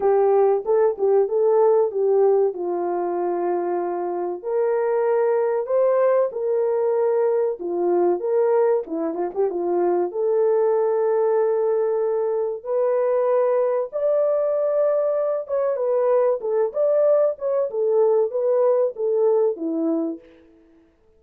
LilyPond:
\new Staff \with { instrumentName = "horn" } { \time 4/4 \tempo 4 = 95 g'4 a'8 g'8 a'4 g'4 | f'2. ais'4~ | ais'4 c''4 ais'2 | f'4 ais'4 e'8 f'16 g'16 f'4 |
a'1 | b'2 d''2~ | d''8 cis''8 b'4 a'8 d''4 cis''8 | a'4 b'4 a'4 e'4 | }